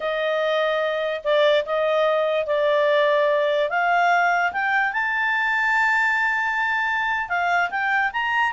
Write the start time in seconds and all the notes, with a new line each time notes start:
0.00 D#5
1.23 D5
1.65 D#5
2.46 D5
3.69 F5
4.52 G5
4.93 A5
7.28 F5
7.70 G5
8.13 A#5